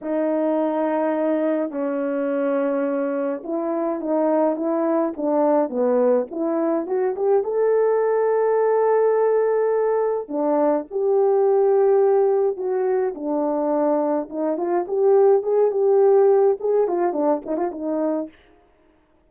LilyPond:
\new Staff \with { instrumentName = "horn" } { \time 4/4 \tempo 4 = 105 dis'2. cis'4~ | cis'2 e'4 dis'4 | e'4 d'4 b4 e'4 | fis'8 g'8 a'2.~ |
a'2 d'4 g'4~ | g'2 fis'4 d'4~ | d'4 dis'8 f'8 g'4 gis'8 g'8~ | g'4 gis'8 f'8 d'8 dis'16 f'16 dis'4 | }